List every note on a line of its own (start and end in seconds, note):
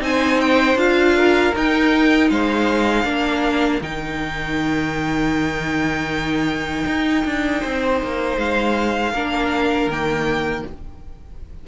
0.00 0.75 C4
0.00 0.76 D#4
0.00 1.16 C5
0.00 0.40 G#5
0.40 0.78 G5
0.75 1.51 D4
0.75 1.53 F4
0.75 1.54 F5
1.16 2.30 A#4
1.55 2.30 D#4
1.55 3.04 D#4
1.55 2.30 G5
2.30 3.04 G#3
2.30 3.07 C5
2.30 3.81 F5
3.04 3.80 A#3
3.04 3.80 D4
3.04 7.60 A#4
3.81 6.84 D#3
3.81 9.14 D#4
3.81 8.38 G5
6.86 7.24 D#4
7.25 7.63 D4
7.60 8.02 C4
7.60 9.12 C5
8.03 8.37 A#3
8.37 9.12 G#3
8.37 9.90 F5
9.12 9.86 A#3
9.12 9.91 D4
9.12 10.65 A#4
9.86 10.62 D#3
9.86 10.67 A#3
9.86 10.66 G5